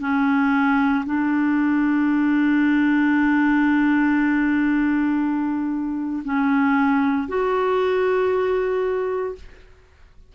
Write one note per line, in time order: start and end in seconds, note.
0.00 1.03 C#4
1.06 6.23 D4
6.24 7.27 C#4
7.28 9.35 F#4